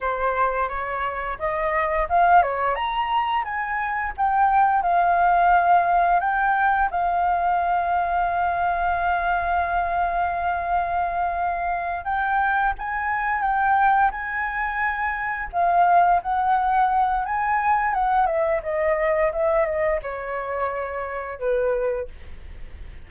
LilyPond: \new Staff \with { instrumentName = "flute" } { \time 4/4 \tempo 4 = 87 c''4 cis''4 dis''4 f''8 cis''8 | ais''4 gis''4 g''4 f''4~ | f''4 g''4 f''2~ | f''1~ |
f''4. g''4 gis''4 g''8~ | g''8 gis''2 f''4 fis''8~ | fis''4 gis''4 fis''8 e''8 dis''4 | e''8 dis''8 cis''2 b'4 | }